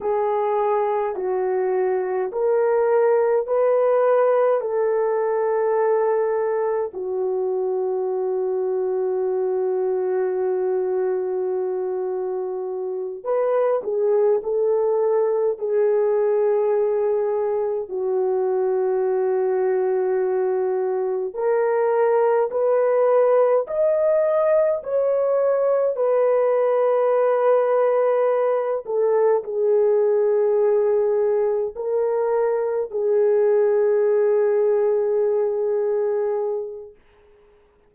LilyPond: \new Staff \with { instrumentName = "horn" } { \time 4/4 \tempo 4 = 52 gis'4 fis'4 ais'4 b'4 | a'2 fis'2~ | fis'2.~ fis'8 b'8 | gis'8 a'4 gis'2 fis'8~ |
fis'2~ fis'8 ais'4 b'8~ | b'8 dis''4 cis''4 b'4.~ | b'4 a'8 gis'2 ais'8~ | ais'8 gis'2.~ gis'8 | }